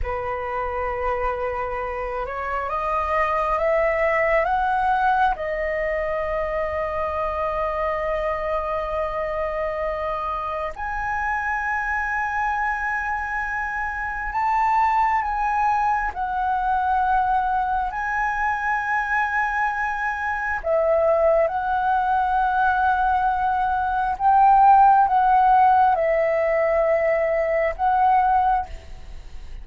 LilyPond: \new Staff \with { instrumentName = "flute" } { \time 4/4 \tempo 4 = 67 b'2~ b'8 cis''8 dis''4 | e''4 fis''4 dis''2~ | dis''1 | gis''1 |
a''4 gis''4 fis''2 | gis''2. e''4 | fis''2. g''4 | fis''4 e''2 fis''4 | }